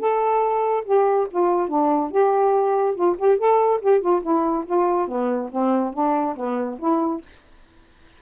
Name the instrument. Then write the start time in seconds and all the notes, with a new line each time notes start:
saxophone
0.00 A4
0.86 G4
1.31 F4
1.69 D4
2.12 G4
2.95 F4
3.19 G4
3.39 A4
3.82 G4
4.01 F4
4.23 E4
4.67 F4
5.08 B3
5.52 C4
5.94 D4
6.37 B3
6.80 E4